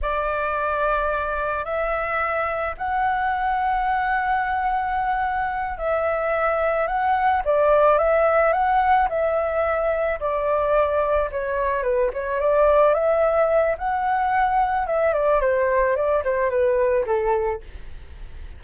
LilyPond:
\new Staff \with { instrumentName = "flute" } { \time 4/4 \tempo 4 = 109 d''2. e''4~ | e''4 fis''2.~ | fis''2~ fis''8 e''4.~ | e''8 fis''4 d''4 e''4 fis''8~ |
fis''8 e''2 d''4.~ | d''8 cis''4 b'8 cis''8 d''4 e''8~ | e''4 fis''2 e''8 d''8 | c''4 d''8 c''8 b'4 a'4 | }